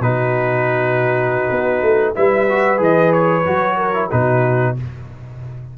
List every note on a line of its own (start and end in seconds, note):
0.00 1.47 B2
0.00 2.15 D#4
0.00 2.15 F#4
0.00 2.14 B4
1.51 1.82 B3
1.82 2.15 A3
2.15 2.79 G3
2.15 2.48 E4
2.15 3.77 B4
2.15 2.81 E5
2.49 2.77 F#4
2.77 3.45 E3
2.77 3.43 G#4
2.77 3.12 D#5
3.12 4.10 C#5
3.45 4.10 F#3
3.45 3.94 F#4
3.77 4.10 A#4
3.94 4.10 E4
4.11 4.78 B2
4.11 4.76 D#4
4.11 4.76 F#4
4.11 4.76 B4